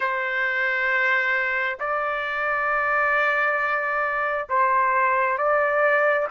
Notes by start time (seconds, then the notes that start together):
0.00 C5
1.79 D5
4.49 C5
5.37 D5